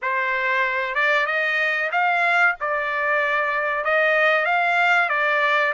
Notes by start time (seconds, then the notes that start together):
0.02 C5
0.95 D5
1.26 D#5
1.91 F5
2.60 D5
3.84 D#5
4.45 F5
5.09 D5